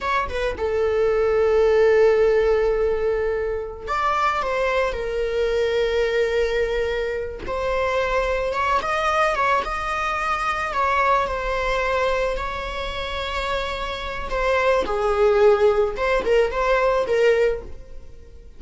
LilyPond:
\new Staff \with { instrumentName = "viola" } { \time 4/4 \tempo 4 = 109 cis''8 b'8 a'2.~ | a'2. d''4 | c''4 ais'2.~ | ais'4. c''2 cis''8 |
dis''4 cis''8 dis''2 cis''8~ | cis''8 c''2 cis''4.~ | cis''2 c''4 gis'4~ | gis'4 c''8 ais'8 c''4 ais'4 | }